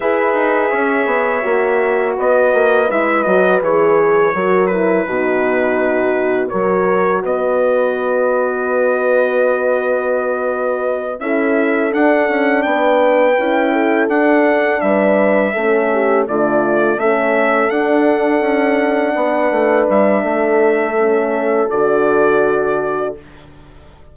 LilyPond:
<<
  \new Staff \with { instrumentName = "trumpet" } { \time 4/4 \tempo 4 = 83 e''2. dis''4 | e''8 dis''8 cis''4. b'4.~ | b'4 cis''4 dis''2~ | dis''2.~ dis''8 e''8~ |
e''8 fis''4 g''2 fis''8~ | fis''8 e''2 d''4 e''8~ | e''8 fis''2. e''8~ | e''2 d''2 | }
  \new Staff \with { instrumentName = "horn" } { \time 4/4 b'4 cis''2 b'4~ | b'2 ais'4 fis'4~ | fis'4 ais'4 b'2~ | b'2.~ b'8 a'8~ |
a'4. b'4. a'4~ | a'8 b'4 a'8 g'8 f'4 a'8~ | a'2~ a'8 b'4. | a'1 | }
  \new Staff \with { instrumentName = "horn" } { \time 4/4 gis'2 fis'2 | e'8 fis'8 gis'4 fis'8 e'8 dis'4~ | dis'4 fis'2.~ | fis'2.~ fis'8 e'8~ |
e'8 d'2 e'4 d'8~ | d'4. cis'4 a4 cis'8~ | cis'8 d'2.~ d'8~ | d'4 cis'4 fis'2 | }
  \new Staff \with { instrumentName = "bassoon" } { \time 4/4 e'8 dis'8 cis'8 b8 ais4 b8 ais8 | gis8 fis8 e4 fis4 b,4~ | b,4 fis4 b2~ | b2.~ b8 cis'8~ |
cis'8 d'8 cis'8 b4 cis'4 d'8~ | d'8 g4 a4 d4 a8~ | a8 d'4 cis'4 b8 a8 g8 | a2 d2 | }
>>